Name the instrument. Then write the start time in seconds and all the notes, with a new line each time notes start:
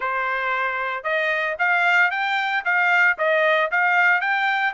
trumpet
0.00 C5
1.03 D#5
1.59 F5
2.11 G5
2.64 F5
3.18 D#5
3.71 F5
4.20 G5